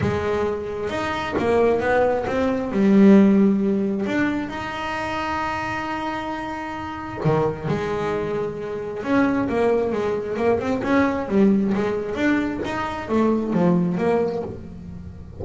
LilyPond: \new Staff \with { instrumentName = "double bass" } { \time 4/4 \tempo 4 = 133 gis2 dis'4 ais4 | b4 c'4 g2~ | g4 d'4 dis'2~ | dis'1 |
dis4 gis2. | cis'4 ais4 gis4 ais8 c'8 | cis'4 g4 gis4 d'4 | dis'4 a4 f4 ais4 | }